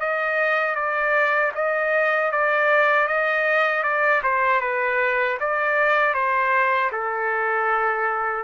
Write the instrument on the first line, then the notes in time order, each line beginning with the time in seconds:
trumpet
0.00 D#5
0.75 D5
1.55 D#5
2.32 D5
3.08 D#5
3.83 D5
4.23 C5
4.61 B4
5.40 D5
6.14 C5
6.92 A4